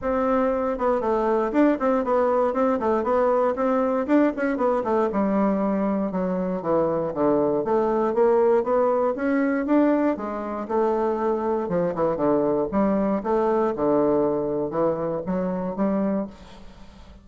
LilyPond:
\new Staff \with { instrumentName = "bassoon" } { \time 4/4 \tempo 4 = 118 c'4. b8 a4 d'8 c'8 | b4 c'8 a8 b4 c'4 | d'8 cis'8 b8 a8 g2 | fis4 e4 d4 a4 |
ais4 b4 cis'4 d'4 | gis4 a2 f8 e8 | d4 g4 a4 d4~ | d4 e4 fis4 g4 | }